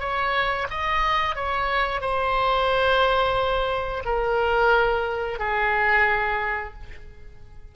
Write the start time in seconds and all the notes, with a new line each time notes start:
0.00 C#5
0.70 D#5
1.35 C#5
2.01 C5
4.05 A#4
5.39 G#4